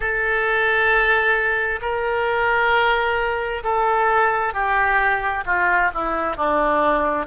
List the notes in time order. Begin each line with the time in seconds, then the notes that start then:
0.00 A4
1.81 A#4
3.63 A4
4.53 G4
5.45 F4
5.93 E4
6.36 D4